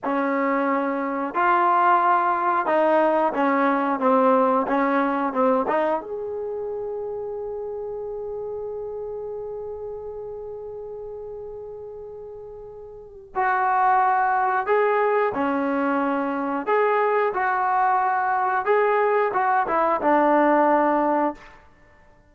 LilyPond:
\new Staff \with { instrumentName = "trombone" } { \time 4/4 \tempo 4 = 90 cis'2 f'2 | dis'4 cis'4 c'4 cis'4 | c'8 dis'8 gis'2.~ | gis'1~ |
gis'1 | fis'2 gis'4 cis'4~ | cis'4 gis'4 fis'2 | gis'4 fis'8 e'8 d'2 | }